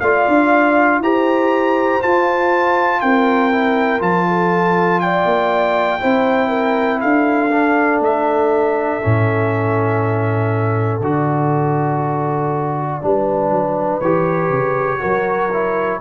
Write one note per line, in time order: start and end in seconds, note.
0.00 0.26 A3
0.00 1.02 F4
0.00 1.01 D5
0.00 1.00 F5
0.28 0.99 D4
0.99 1.99 E4
0.99 2.01 G4
0.99 3.01 C5
0.99 2.02 A#5
2.01 3.51 F4
2.01 3.02 F4
2.01 3.00 A5
3.00 4.01 C4
3.00 4.26 A#4
3.00 4.00 G5
3.51 3.99 E4
3.99 5.25 F3
3.99 5.99 F4
3.99 5.00 A5
4.27 5.02 A4
5.00 6.01 D5
5.00 7.00 G5
5.25 6.00 A#3
5.99 7.02 C4
5.99 7.49 E4
5.99 6.48 C5
6.48 6.98 A#4
7.00 7.99 D4
7.00 13.01 A4
7.00 8.00 F5
7.51 9.01 D4
7.99 8.99 A3
7.99 11.01 E5
9.01 11.00 A2
9.01 11.01 C#4
11.00 13.00 D3
11.00 13.01 F#4
11.00 14.00 D5
13.01 13.50 G3
13.01 14.01 D4
13.01 15.00 B4
13.50 14.00 F#3
14.00 14.49 E3
14.00 14.99 G4
14.00 16.00 C#5
14.49 14.99 C#3
14.99 16.01 F#3
14.99 15.49 F#4
14.99 16.00 A#4
15.52 16.01 E4